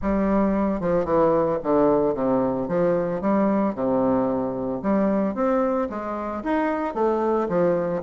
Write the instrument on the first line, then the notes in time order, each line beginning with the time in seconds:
bassoon
0.01 G3
0.80 F3
1.04 E3
1.63 D3
2.14 C3
2.68 F3
3.21 G3
3.75 C3
4.82 G3
5.34 C4
5.89 G#3
6.43 D#4
6.94 A3
7.49 F3